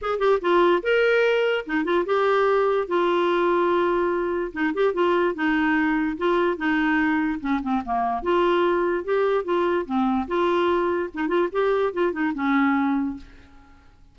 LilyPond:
\new Staff \with { instrumentName = "clarinet" } { \time 4/4 \tempo 4 = 146 gis'8 g'8 f'4 ais'2 | dis'8 f'8 g'2 f'4~ | f'2. dis'8 g'8 | f'4 dis'2 f'4 |
dis'2 cis'8 c'8 ais4 | f'2 g'4 f'4 | c'4 f'2 dis'8 f'8 | g'4 f'8 dis'8 cis'2 | }